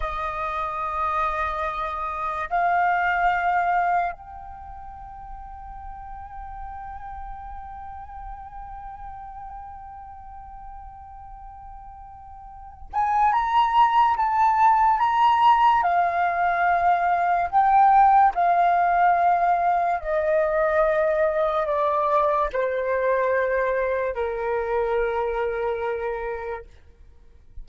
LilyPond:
\new Staff \with { instrumentName = "flute" } { \time 4/4 \tempo 4 = 72 dis''2. f''4~ | f''4 g''2.~ | g''1~ | g''2.~ g''8 gis''8 |
ais''4 a''4 ais''4 f''4~ | f''4 g''4 f''2 | dis''2 d''4 c''4~ | c''4 ais'2. | }